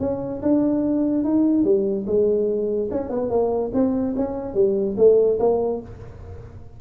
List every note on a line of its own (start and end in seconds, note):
0.00 0.41 C#4
0.42 1.24 D4
1.24 1.64 D#4
1.64 2.06 G3
2.07 2.90 G#3
2.91 3.10 C#4
3.10 3.30 B3
3.30 3.71 A#3
3.74 4.15 C4
4.16 4.54 C#4
4.54 4.96 G3
4.97 5.39 A3
5.39 5.81 A#3